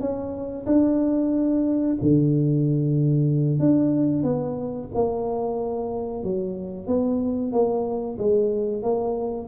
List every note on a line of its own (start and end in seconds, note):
0.00 0.65 C#4
0.66 1.96 D4
2.01 3.59 D3
3.59 4.23 D4
4.23 4.88 B3
4.94 6.23 A#3
6.23 6.87 F#3
6.87 7.52 B3
7.52 8.17 A#3
8.18 8.82 G#3
8.82 9.47 A#3